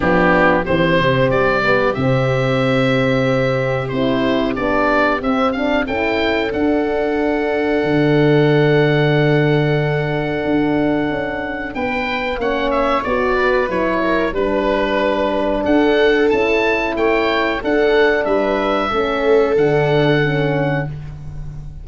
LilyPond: <<
  \new Staff \with { instrumentName = "oboe" } { \time 4/4 \tempo 4 = 92 g'4 c''4 d''4 e''4~ | e''2 c''4 d''4 | e''8 f''8 g''4 fis''2~ | fis''1~ |
fis''2 g''4 fis''8 e''8 | d''4 cis''4 b'2 | fis''4 a''4 g''4 fis''4 | e''2 fis''2 | }
  \new Staff \with { instrumentName = "viola" } { \time 4/4 d'4 g'2.~ | g'1~ | g'4 a'2.~ | a'1~ |
a'2 b'4 cis''4~ | cis''8 b'4 ais'8 b'2 | a'2 cis''4 a'4 | b'4 a'2. | }
  \new Staff \with { instrumentName = "horn" } { \time 4/4 b4 c'4. b8 c'4~ | c'2 e'4 d'4 | c'8 d'8 e'4 d'2~ | d'1~ |
d'2. cis'4 | fis'4 e'4 d'2~ | d'4 e'2 d'4~ | d'4 cis'4 d'4 cis'4 | }
  \new Staff \with { instrumentName = "tuba" } { \time 4/4 f4 e8 c8 g4 c4~ | c2 c'4 b4 | c'4 cis'4 d'2 | d1 |
d'4 cis'4 b4 ais4 | b4 fis4 g2 | d'4 cis'4 a4 d'4 | g4 a4 d2 | }
>>